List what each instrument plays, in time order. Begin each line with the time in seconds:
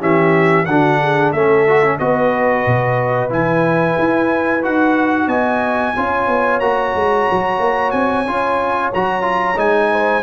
0.00 tuba E3, trombone C#4, horn G4, trumpet E5
0.65 tuba D3, trombone D4, horn F#4, trumpet F#5
1.01 horn G#4
1.31 tuba A3, trombone C#4, horn A4, trumpet E5
1.68 trombone F#4
1.83 trombone C#4
1.98 tuba B3, trombone F#4, horn B4, trumpet D#5
2.66 tuba B2
3.29 tuba E3, trombone E4, trumpet G#5
3.98 tuba E4
4.62 tuba D#4, trombone F#4, trumpet F#5
5.27 tuba B3, horn D#5, trumpet G#5
5.95 tuba C#4, trombone F4, horn C#5
6.27 tuba B3
6.60 tuba A#3, trombone F#4, trumpet A#5
6.94 tuba G#3
7.31 tuba F#3
7.59 tuba A#3
7.91 tuba C4, trumpet G#5
8.26 tuba C#4, trombone F4
8.94 tuba F#3, trombone F#4, trumpet A#5
9.22 trombone F4
9.56 tuba G#3, trombone D#4, trumpet G#5
9.91 horn C5